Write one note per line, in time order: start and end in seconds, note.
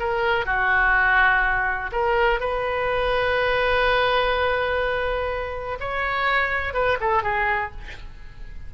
0.00 0.46 A#4
0.46 1.91 F#4
1.92 2.40 A#4
2.40 5.79 B4
5.80 6.74 C#5
6.74 6.98 B4
7.01 7.23 A4
7.23 7.72 G#4